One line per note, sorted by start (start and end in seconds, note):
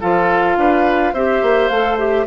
0.00 0.56 F3
0.00 1.14 F4
0.00 0.57 A4
0.00 1.14 F5
0.56 1.13 D4
0.56 1.13 B4
1.13 1.41 C4
1.13 1.71 G4
1.13 2.26 C5
1.13 1.68 E5
1.42 1.70 A#3
1.68 2.26 A3
1.68 1.98 A4
1.68 1.96 F5
1.98 2.26 G4
1.98 2.26 E5